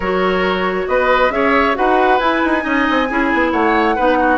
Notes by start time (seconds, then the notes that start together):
0.00 F#3 F#4 A#4 C#5
0.87 B3 B4 D#5
1.30 C#4 G#4 C#5 E5
1.74 D#4 F#4 B4 F#5
2.18 E4 G#5
2.44 D#4
2.60 C#4 D#4 D#5
2.90 C4
3.09 C#4 E4 G#4
3.33 B3
3.50 A3 C#5 F#5
3.95 B3 D#4 B4
4.19 F#4